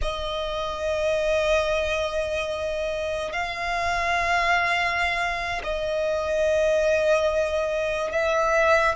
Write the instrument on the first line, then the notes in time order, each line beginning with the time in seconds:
violin
0.01 D#5
3.32 F5
5.63 D#5
8.11 E5